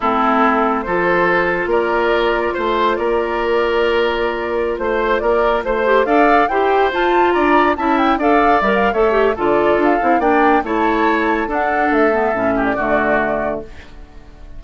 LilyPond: <<
  \new Staff \with { instrumentName = "flute" } { \time 4/4 \tempo 4 = 141 a'2 c''2 | d''2 c''4 d''4~ | d''2.~ d''16 c''8.~ | c''16 d''4 c''4 f''4 g''8.~ |
g''16 a''4 ais''4 a''8 g''8 f''8.~ | f''16 e''16 f''8 e''4 d''4 f''4 | g''4 a''2 fis''4 | e''4.~ e''16 d''2~ d''16 | }
  \new Staff \with { instrumentName = "oboe" } { \time 4/4 e'2 a'2 | ais'2 c''4 ais'4~ | ais'2.~ ais'16 c''8.~ | c''16 ais'4 c''4 d''4 c''8.~ |
c''4~ c''16 d''4 e''4 d''8.~ | d''4 cis''4 a'2 | d''4 cis''2 a'4~ | a'4. g'8 fis'2 | }
  \new Staff \with { instrumentName = "clarinet" } { \time 4/4 c'2 f'2~ | f'1~ | f'1~ | f'4.~ f'16 g'8 a'4 g'8.~ |
g'16 f'2 e'4 a'8.~ | a'16 ais'8. a'8 g'8 f'4. e'8 | d'4 e'2 d'4~ | d'8 b8 cis'4 a2 | }
  \new Staff \with { instrumentName = "bassoon" } { \time 4/4 a2 f2 | ais2 a4 ais4~ | ais2.~ ais16 a8.~ | a16 ais4 a4 d'4 e'8.~ |
e'16 f'4 d'4 cis'4 d'8.~ | d'16 g8. a4 d4 d'8 c'8 | ais4 a2 d'4 | a4 a,4 d2 | }
>>